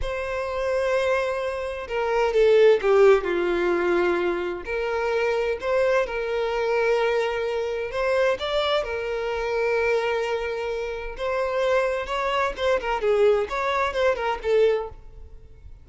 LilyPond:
\new Staff \with { instrumentName = "violin" } { \time 4/4 \tempo 4 = 129 c''1 | ais'4 a'4 g'4 f'4~ | f'2 ais'2 | c''4 ais'2.~ |
ais'4 c''4 d''4 ais'4~ | ais'1 | c''2 cis''4 c''8 ais'8 | gis'4 cis''4 c''8 ais'8 a'4 | }